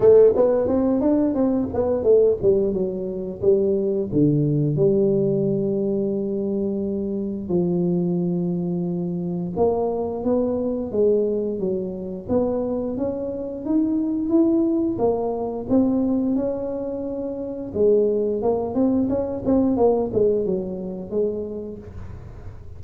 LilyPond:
\new Staff \with { instrumentName = "tuba" } { \time 4/4 \tempo 4 = 88 a8 b8 c'8 d'8 c'8 b8 a8 g8 | fis4 g4 d4 g4~ | g2. f4~ | f2 ais4 b4 |
gis4 fis4 b4 cis'4 | dis'4 e'4 ais4 c'4 | cis'2 gis4 ais8 c'8 | cis'8 c'8 ais8 gis8 fis4 gis4 | }